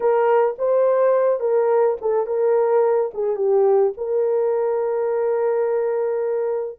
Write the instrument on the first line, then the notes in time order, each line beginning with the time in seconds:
horn
0.00 A#4
0.58 C5
1.40 A#4
2.01 A4
2.26 A#4
3.14 G#4
3.36 G4
3.97 A#4